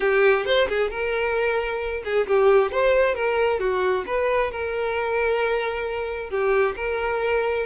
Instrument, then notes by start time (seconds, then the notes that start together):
violin
0.00 G4
0.45 C5
0.68 G#4
0.90 A#4
2.04 G#4
2.27 G4
2.71 C5
3.14 A#4
3.59 F#4
4.06 B4
4.51 A#4
6.30 G4
6.76 A#4